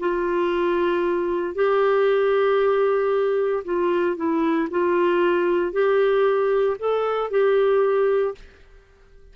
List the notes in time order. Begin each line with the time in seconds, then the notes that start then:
0.00 F4
1.55 G4
3.65 F4
4.17 E4
4.71 F4
5.73 G4
6.79 A4
7.31 G4